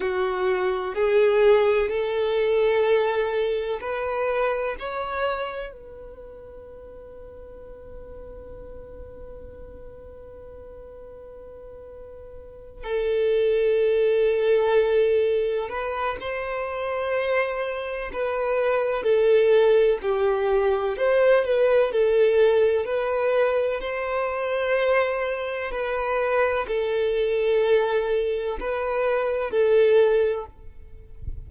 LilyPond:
\new Staff \with { instrumentName = "violin" } { \time 4/4 \tempo 4 = 63 fis'4 gis'4 a'2 | b'4 cis''4 b'2~ | b'1~ | b'4. a'2~ a'8~ |
a'8 b'8 c''2 b'4 | a'4 g'4 c''8 b'8 a'4 | b'4 c''2 b'4 | a'2 b'4 a'4 | }